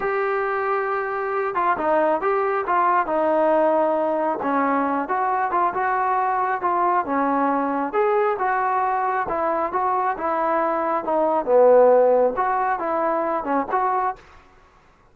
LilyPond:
\new Staff \with { instrumentName = "trombone" } { \time 4/4 \tempo 4 = 136 g'2.~ g'8 f'8 | dis'4 g'4 f'4 dis'4~ | dis'2 cis'4. fis'8~ | fis'8 f'8 fis'2 f'4 |
cis'2 gis'4 fis'4~ | fis'4 e'4 fis'4 e'4~ | e'4 dis'4 b2 | fis'4 e'4. cis'8 fis'4 | }